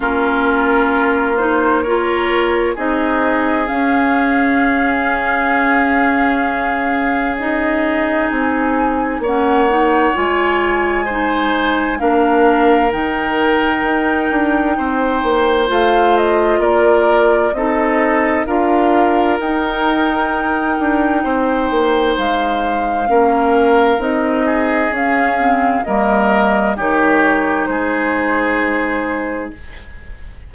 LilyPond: <<
  \new Staff \with { instrumentName = "flute" } { \time 4/4 \tempo 4 = 65 ais'4. c''8 cis''4 dis''4 | f''1 | dis''4 gis''4 fis''4 gis''4~ | gis''4 f''4 g''2~ |
g''4 f''8 dis''8 d''4 dis''4 | f''4 g''2. | f''2 dis''4 f''4 | dis''4 cis''4 c''2 | }
  \new Staff \with { instrumentName = "oboe" } { \time 4/4 f'2 ais'4 gis'4~ | gis'1~ | gis'2 cis''2 | c''4 ais'2. |
c''2 ais'4 a'4 | ais'2. c''4~ | c''4 ais'4. gis'4. | ais'4 g'4 gis'2 | }
  \new Staff \with { instrumentName = "clarinet" } { \time 4/4 cis'4. dis'8 f'4 dis'4 | cis'1 | dis'2 cis'8 dis'8 f'4 | dis'4 d'4 dis'2~ |
dis'4 f'2 dis'4 | f'4 dis'2.~ | dis'4 cis'4 dis'4 cis'8 c'8 | ais4 dis'2. | }
  \new Staff \with { instrumentName = "bassoon" } { \time 4/4 ais2. c'4 | cis'1~ | cis'4 c'4 ais4 gis4~ | gis4 ais4 dis4 dis'8 d'8 |
c'8 ais8 a4 ais4 c'4 | d'4 dis'4. d'8 c'8 ais8 | gis4 ais4 c'4 cis'4 | g4 dis4 gis2 | }
>>